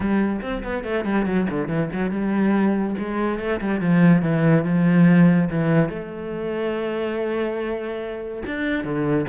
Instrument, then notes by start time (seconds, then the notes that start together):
cello
0.00 G3
0.41 C4
0.63 B3
0.84 A3
1.04 G3
1.25 F#3
1.50 D3
1.67 E3
1.92 F#3
2.10 G3
2.98 G#3
3.39 A3
3.60 G3
3.80 F3
4.22 E3
4.64 F3
5.49 E3
5.89 A3
8.46 D4
8.83 D3